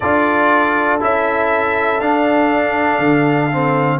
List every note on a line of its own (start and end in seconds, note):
0.00 1.01 D4
0.00 1.00 F4
0.00 3.99 A4
0.00 0.99 D5
1.00 2.00 C#4
1.00 2.00 E4
1.00 2.00 E5
2.00 2.99 D4
2.00 3.51 D4
2.00 4.00 F5
2.99 3.99 D3
3.51 4.00 C4